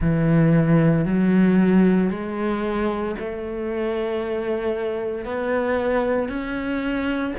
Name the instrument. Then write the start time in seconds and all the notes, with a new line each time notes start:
cello
0.00 E3
1.05 F#3
2.10 G#3
3.19 A3
5.24 B3
6.29 C#4